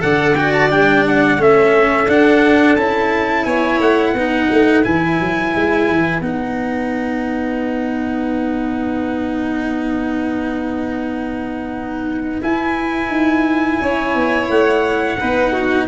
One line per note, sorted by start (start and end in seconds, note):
0.00 0.72 D3
0.00 0.34 A4
0.00 1.39 D5
0.00 0.35 F#5
0.35 0.70 F#4
0.35 0.53 G5
0.53 0.70 A5
0.70 1.38 G3
0.70 1.38 D4
0.70 1.05 G5
1.07 1.42 F#5
1.38 2.07 A3
1.38 2.07 C#4
1.38 3.46 A4
1.38 2.09 E5
2.07 2.76 D4
2.07 2.77 D4
2.07 2.76 F#5
2.76 3.45 C#4
2.76 4.16 E4
2.76 3.45 A5
3.45 3.79 B3
3.45 4.13 C#5
3.45 3.79 G#5
3.79 4.14 A3
3.79 4.84 F#5
4.13 4.48 B3
4.13 4.84 D#4
4.13 13.79 B4
4.51 4.85 A3
4.84 5.20 E3
4.84 6.22 E4
4.84 6.21 G#5
5.20 5.55 F#3
5.55 5.89 G#3
5.89 6.20 E3
6.20 12.41 B3
6.20 12.42 D#4
6.20 12.42 F#5
12.42 15.17 E4
12.42 13.09 E4
12.42 14.49 G#5
13.09 13.78 D#4
13.81 14.15 C#4
13.81 15.19 C#5
14.15 14.49 B3
14.49 15.18 A3
14.49 15.87 F#5
15.20 15.87 B3
15.20 15.87 D#4
15.20 15.52 B4
15.52 15.86 F#4